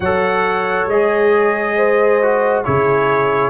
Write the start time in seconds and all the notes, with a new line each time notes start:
0.00 F#3 A4 C#5 F#5
0.86 G#3 G#4 D#5
1.76 C5
2.22 F#4
2.64 C#3 E4 G#4 C#5